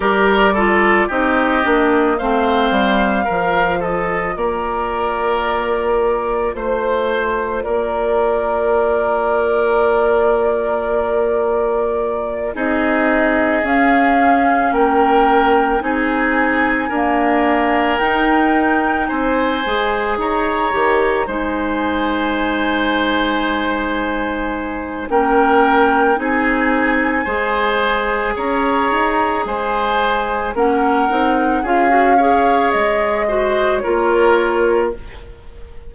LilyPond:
<<
  \new Staff \with { instrumentName = "flute" } { \time 4/4 \tempo 4 = 55 d''4 dis''4 f''4. dis''8 | d''2 c''4 d''4~ | d''2.~ d''8 dis''8~ | dis''8 f''4 g''4 gis''4.~ |
gis''8 g''4 gis''4 ais''4 gis''8~ | gis''2. g''4 | gis''2 ais''4 gis''4 | fis''4 f''4 dis''4 cis''4 | }
  \new Staff \with { instrumentName = "oboe" } { \time 4/4 ais'8 a'8 g'4 c''4 ais'8 a'8 | ais'2 c''4 ais'4~ | ais'2.~ ais'8 gis'8~ | gis'4. ais'4 gis'4 ais'8~ |
ais'4. c''4 cis''4 c''8~ | c''2. ais'4 | gis'4 c''4 cis''4 c''4 | ais'4 gis'8 cis''4 c''8 ais'4 | }
  \new Staff \with { instrumentName = "clarinet" } { \time 4/4 g'8 f'8 dis'8 d'8 c'4 f'4~ | f'1~ | f'2.~ f'8 dis'8~ | dis'8 cis'2 dis'4 ais8~ |
ais8 dis'4. gis'4 g'8 dis'8~ | dis'2. cis'4 | dis'4 gis'2. | cis'8 dis'8 f'16 fis'16 gis'4 fis'8 f'4 | }
  \new Staff \with { instrumentName = "bassoon" } { \time 4/4 g4 c'8 ais8 a8 g8 f4 | ais2 a4 ais4~ | ais2.~ ais8 c'8~ | c'8 cis'4 ais4 c'4 d'8~ |
d'8 dis'4 c'8 gis8 dis'8 dis8 gis8~ | gis2. ais4 | c'4 gis4 cis'8 dis'8 gis4 | ais8 c'8 cis'4 gis4 ais4 | }
>>